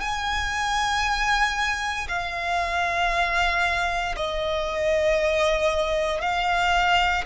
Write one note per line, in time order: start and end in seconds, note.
0.00 2.07 G#5
2.08 4.15 F5
4.16 6.21 D#5
6.21 7.24 F5